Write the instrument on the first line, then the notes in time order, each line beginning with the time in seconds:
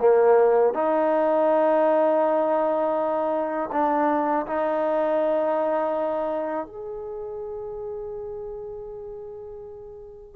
trombone
0.00 A#3
0.74 D#4
3.72 D4
4.46 D#4
6.66 G#4